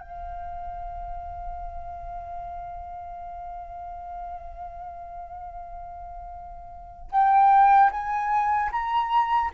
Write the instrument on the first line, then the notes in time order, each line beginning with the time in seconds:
flute
0.00 F5
7.12 G5
7.92 G#5
8.72 A#5